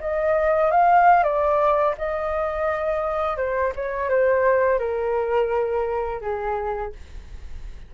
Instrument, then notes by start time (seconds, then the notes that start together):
flute
0.00 D#5
0.71 F5
1.23 D5
1.98 D#5
3.37 C5
3.75 C#5
4.09 C5
4.79 A#4
6.21 G#4